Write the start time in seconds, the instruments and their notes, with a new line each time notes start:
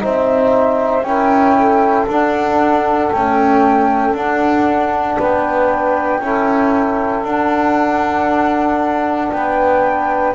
0.00 double bass C4, trombone D#4, saxophone C5, flute E5
1.03 double bass C#4, trombone E4, saxophone A#4, flute G5
1.56 saxophone A4
2.07 double bass D4, trombone D4, flute F#5
3.12 trombone A3, double bass C#4, flute G5
4.14 double bass D4, trombone D4, flute F#5
5.17 double bass B3, saxophone B4, flute G5
6.20 double bass C#4, trombone E4, saxophone A4
7.24 double bass D4, trombone D4, flute F#5
9.31 double bass B3, saxophone B4, flute G5